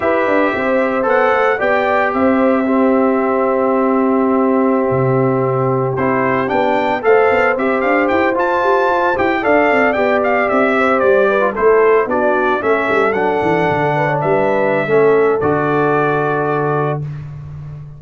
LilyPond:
<<
  \new Staff \with { instrumentName = "trumpet" } { \time 4/4 \tempo 4 = 113 e''2 fis''4 g''4 | e''1~ | e''2.~ e''16 c''8.~ | c''16 g''4 f''4 e''8 f''8 g''8 a''16~ |
a''4~ a''16 g''8 f''4 g''8 f''8 e''16~ | e''8. d''4 c''4 d''4 e''16~ | e''8. fis''2 e''4~ e''16~ | e''4 d''2. | }
  \new Staff \with { instrumentName = "horn" } { \time 4/4 b'4 c''2 d''4 | c''4 g'2.~ | g'1~ | g'4~ g'16 c''2~ c''8.~ |
c''4.~ c''16 d''2~ d''16~ | d''16 c''4 b'8 a'4 fis'4 a'16~ | a'2~ a'16 b'16 cis''16 b'4~ b'16 | a'1 | }
  \new Staff \with { instrumentName = "trombone" } { \time 4/4 g'2 a'4 g'4~ | g'4 c'2.~ | c'2.~ c'16 e'8.~ | e'16 d'4 a'4 g'4. f'16~ |
f'4~ f'16 g'8 a'4 g'4~ g'16~ | g'4. f'16 e'4 d'4 cis'16~ | cis'8. d'2.~ d'16 | cis'4 fis'2. | }
  \new Staff \with { instrumentName = "tuba" } { \time 4/4 e'8 d'8 c'4 b8 a8 b4 | c'1~ | c'4~ c'16 c2 c'8.~ | c'16 b4 a8 b8 c'8 d'8 e'8 f'16~ |
f'16 g'8 f'8 e'8 d'8 c'8 b4 c'16~ | c'8. g4 a4 b4 a16~ | a16 g8 fis8 e8 d4 g4~ g16 | a4 d2. | }
>>